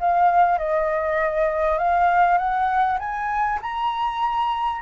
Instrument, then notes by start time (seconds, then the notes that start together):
flute
0.00 F5
0.58 D#5
1.79 F5
2.38 F#5
2.99 G#5
3.62 A#5